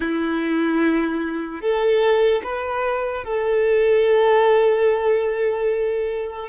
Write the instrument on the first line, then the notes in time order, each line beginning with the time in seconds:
violin
0.00 E4
1.61 A4
2.43 B4
3.24 A4